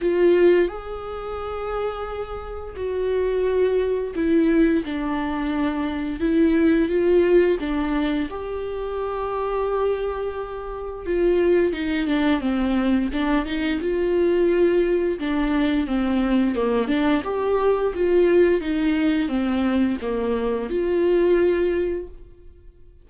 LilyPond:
\new Staff \with { instrumentName = "viola" } { \time 4/4 \tempo 4 = 87 f'4 gis'2. | fis'2 e'4 d'4~ | d'4 e'4 f'4 d'4 | g'1 |
f'4 dis'8 d'8 c'4 d'8 dis'8 | f'2 d'4 c'4 | ais8 d'8 g'4 f'4 dis'4 | c'4 ais4 f'2 | }